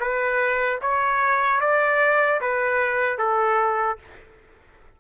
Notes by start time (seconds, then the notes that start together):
0.00 B4
0.81 C#5
1.60 D5
2.41 B4
3.18 A4